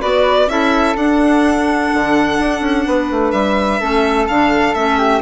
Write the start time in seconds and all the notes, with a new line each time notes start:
0.00 B3 F#4 B4 D5
0.47 C#4 E4 A4 E5
0.96 D4 F#5
1.93 D3
2.39 D4
2.60 C#4
2.86 B3 B4
3.10 A3
3.31 G3 E5
3.80 A3 C#4 A4
4.28 D3 D4 F5
4.74 A3 C#4 E5
4.98 G4